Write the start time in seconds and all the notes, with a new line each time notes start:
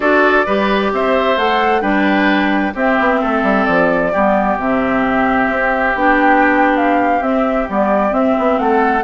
0.00 D4 F#4 A4 D5
0.46 G3 G4 B4
0.92 C4 C5 E5
1.37 A3 A4 F#5
1.81 G3 D4 B4 G5
2.74 C4 G4 E5
2.99 B3
3.21 A3 A4
3.42 G3
3.64 F3 D5
4.12 G3 B3 G4
4.57 C3 C4 E5
5.50 C4
5.94 B3 D4 G5
6.76 F5
7.20 C4 E5
7.68 G3 B3 D5
8.10 C4 E5
8.38 B3
8.58 A3 A4 F#5